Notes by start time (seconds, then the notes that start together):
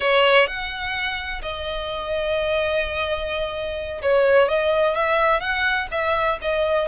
0.00 C#5
0.47 F#5
1.42 D#5
4.02 C#5
4.48 D#5
4.95 E5
5.40 F#5
5.91 E5
6.41 D#5